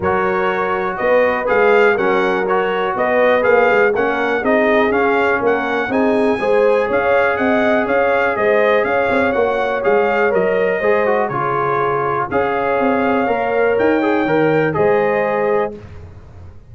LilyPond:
<<
  \new Staff \with { instrumentName = "trumpet" } { \time 4/4 \tempo 4 = 122 cis''2 dis''4 f''4 | fis''4 cis''4 dis''4 f''4 | fis''4 dis''4 f''4 fis''4 | gis''2 f''4 fis''4 |
f''4 dis''4 f''4 fis''4 | f''4 dis''2 cis''4~ | cis''4 f''2. | g''2 dis''2 | }
  \new Staff \with { instrumentName = "horn" } { \time 4/4 ais'2 b'2 | ais'2 b'2 | ais'4 gis'2 ais'4 | gis'4 c''4 cis''4 dis''4 |
cis''4 c''4 cis''2~ | cis''2 c''4 gis'4~ | gis'4 cis''2.~ | cis''2 c''2 | }
  \new Staff \with { instrumentName = "trombone" } { \time 4/4 fis'2. gis'4 | cis'4 fis'2 gis'4 | cis'4 dis'4 cis'2 | dis'4 gis'2.~ |
gis'2. fis'4 | gis'4 ais'4 gis'8 fis'8 f'4~ | f'4 gis'2 ais'4~ | ais'8 gis'8 ais'4 gis'2 | }
  \new Staff \with { instrumentName = "tuba" } { \time 4/4 fis2 b4 gis4 | fis2 b4 ais8 gis8 | ais4 c'4 cis'4 ais4 | c'4 gis4 cis'4 c'4 |
cis'4 gis4 cis'8 c'8 ais4 | gis4 fis4 gis4 cis4~ | cis4 cis'4 c'4 ais4 | dis'4 dis4 gis2 | }
>>